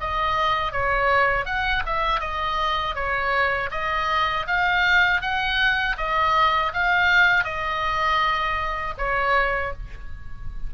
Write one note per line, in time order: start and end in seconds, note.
0.00 0.72 D#5
0.72 1.45 C#5
1.45 1.83 F#5
1.86 2.20 E5
2.20 2.95 D#5
2.95 3.70 C#5
3.71 4.46 D#5
4.47 5.21 F5
5.21 5.96 F#5
5.97 6.72 D#5
6.73 7.44 F5
7.44 8.94 D#5
8.98 9.73 C#5